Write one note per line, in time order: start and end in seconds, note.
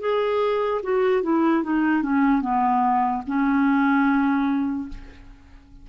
0.00 0.81 G#4
0.83 1.22 F#4
1.22 1.63 E4
1.63 2.02 D#4
2.02 2.41 C#4
2.41 3.22 B3
3.27 4.89 C#4